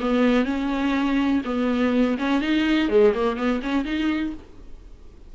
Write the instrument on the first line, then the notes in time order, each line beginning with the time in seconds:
viola
0.00 B3
0.45 C#4
1.45 B3
2.18 C#4
2.41 D#4
2.88 G#3
3.14 A#3
3.36 B3
3.62 C#4
3.84 D#4